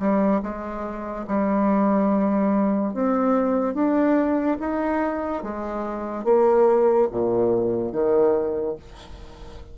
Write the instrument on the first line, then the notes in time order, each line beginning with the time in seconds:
bassoon
0.00 G3
0.43 G#3
1.28 G3
2.94 C4
3.75 D4
4.60 D#4
5.44 G#3
6.25 A#3
7.12 A#2
7.93 D#3